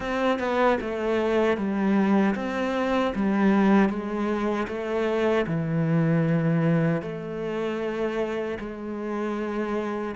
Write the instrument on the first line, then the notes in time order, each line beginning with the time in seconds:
cello
0.00 C4
0.39 B3
0.80 A3
1.57 G3
2.35 C4
3.15 G3
3.89 G#3
4.67 A3
5.47 E3
7.02 A3
8.59 G#3